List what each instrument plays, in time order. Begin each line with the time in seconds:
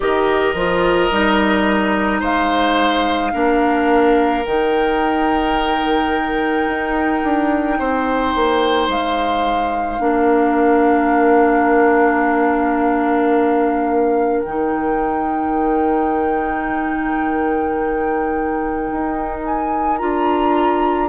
0.00 bassoon D#3, clarinet G4, oboe A#4, flute D#5
0.54 bassoon F3, clarinet F4
1.10 bassoon G3, clarinet D#4
2.19 bassoon G#3, oboe C5, flute F5
3.32 bassoon A#3, clarinet D4, oboe A#4
4.44 bassoon D#3, clarinet D#4, flute G5
6.66 bassoon D#4
7.23 bassoon D4
7.79 bassoon C4, oboe C5
8.35 bassoon A#3
8.88 bassoon G#3, flute F5
9.99 bassoon A#3, clarinet D4, oboe A#4
14.40 bassoon D#3, flute G5
14.47 clarinet D#4
18.91 bassoon D#4
19.44 flute G#5
19.98 bassoon D4, clarinet F4, flute A#5